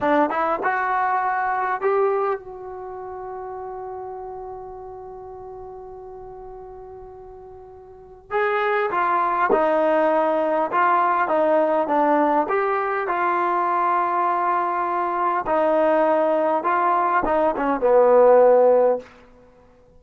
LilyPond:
\new Staff \with { instrumentName = "trombone" } { \time 4/4 \tempo 4 = 101 d'8 e'8 fis'2 g'4 | fis'1~ | fis'1~ | fis'2 gis'4 f'4 |
dis'2 f'4 dis'4 | d'4 g'4 f'2~ | f'2 dis'2 | f'4 dis'8 cis'8 b2 | }